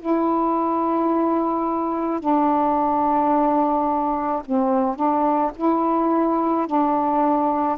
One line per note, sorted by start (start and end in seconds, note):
0.00 2.21 E4
2.21 4.43 D4
4.46 4.96 C4
4.96 5.52 D4
5.56 6.67 E4
6.67 7.78 D4